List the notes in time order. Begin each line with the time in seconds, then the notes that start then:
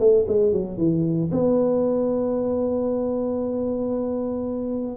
0.00 A3
0.28 G#3
0.53 F#3
0.78 E3
1.32 B3